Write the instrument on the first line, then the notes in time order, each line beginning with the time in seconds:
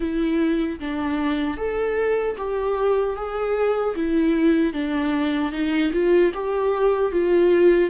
viola
0.00 E4
0.79 D4
1.57 A4
2.37 G4
3.16 G#4
3.95 E4
4.73 D4
5.52 D#4
5.92 F4
6.34 G4
7.12 F4